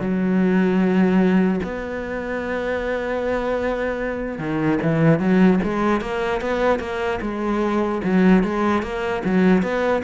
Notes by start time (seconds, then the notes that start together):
0.00 F#3
1.63 B3
4.39 D#3
4.82 E3
5.19 F#3
5.63 G#3
6.01 A#3
6.41 B3
6.79 A#3
7.21 G#3
8.04 F#3
8.43 G#3
8.82 A#3
9.24 F#3
9.63 B3